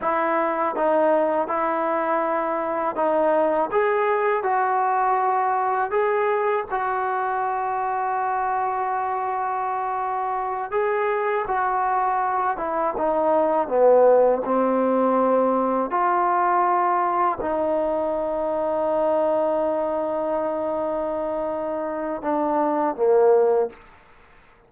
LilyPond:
\new Staff \with { instrumentName = "trombone" } { \time 4/4 \tempo 4 = 81 e'4 dis'4 e'2 | dis'4 gis'4 fis'2 | gis'4 fis'2.~ | fis'2~ fis'8 gis'4 fis'8~ |
fis'4 e'8 dis'4 b4 c'8~ | c'4. f'2 dis'8~ | dis'1~ | dis'2 d'4 ais4 | }